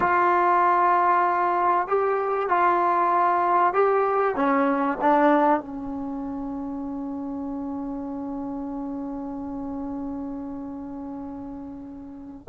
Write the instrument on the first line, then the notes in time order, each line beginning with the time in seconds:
trombone
0.00 F4
1.87 G4
2.48 F4
3.73 G4
4.35 C#4
5.01 D4
5.60 C#4